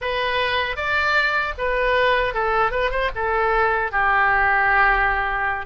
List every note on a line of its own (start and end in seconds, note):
0.01 0.76 B4
0.76 1.54 D5
1.58 2.34 B4
2.34 2.71 A4
2.71 2.90 B4
2.90 3.10 C5
3.15 3.91 A4
3.91 5.66 G4